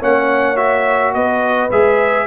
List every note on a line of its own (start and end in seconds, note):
0.00 1.14 A#3
0.00 0.56 C#4
0.00 1.13 C#5
0.00 0.57 F#5
0.56 1.69 F#4
0.56 1.13 E5
1.14 1.71 B3
1.14 2.27 B4
1.14 1.71 D#5
1.71 2.27 G#3
1.71 2.27 G#4
1.71 2.27 E5